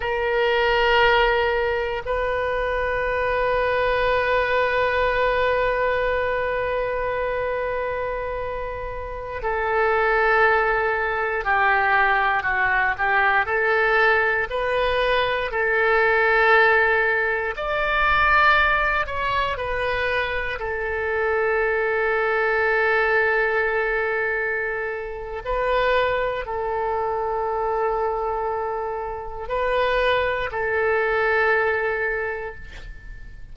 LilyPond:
\new Staff \with { instrumentName = "oboe" } { \time 4/4 \tempo 4 = 59 ais'2 b'2~ | b'1~ | b'4~ b'16 a'2 g'8.~ | g'16 fis'8 g'8 a'4 b'4 a'8.~ |
a'4~ a'16 d''4. cis''8 b'8.~ | b'16 a'2.~ a'8.~ | a'4 b'4 a'2~ | a'4 b'4 a'2 | }